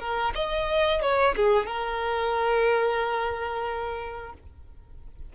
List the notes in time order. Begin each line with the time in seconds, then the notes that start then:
0.00 A#4
0.35 D#5
1.02 C#5
1.36 G#4
1.66 A#4